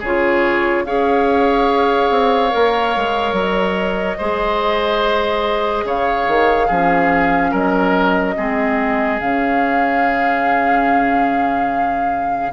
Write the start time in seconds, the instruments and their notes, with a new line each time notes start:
0.00 bassoon C#3, clarinet F4, oboe G#4, flute C#5
0.85 bassoon C#4, clarinet G#4, oboe C#5, flute F5
2.11 bassoon C4
2.50 bassoon A#3, clarinet A#4
2.96 bassoon G#3
3.33 bassoon F#3
3.39 flute D#5
4.18 bassoon G#3, clarinet G#4, oboe C5
5.84 bassoon C#3, oboe C#5, flute F5
6.28 bassoon D#3
6.67 bassoon F3, clarinet C#4, oboe G#4
7.51 bassoon F#3, oboe A#4, flute D#5
8.36 bassoon G#3, clarinet C4, oboe G#4
9.19 bassoon C#3, clarinet C#4, flute F5